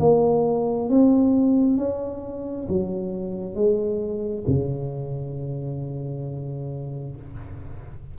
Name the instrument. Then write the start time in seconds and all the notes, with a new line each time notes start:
tuba
0.00 A#3
0.90 C4
1.77 C#4
2.69 F#3
3.55 G#3
4.48 C#3